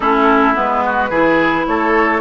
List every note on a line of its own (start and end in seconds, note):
0.00 0.56 A3
0.00 0.54 C#4
0.00 0.83 E4
0.00 0.54 A4
0.54 1.10 G#3
0.54 1.10 B3
0.54 1.66 B4
0.85 1.09 F#4
1.09 1.65 E3
1.09 2.21 E4
1.09 1.65 G#4
1.66 2.21 A3
1.66 2.21 A4
1.66 2.21 C#5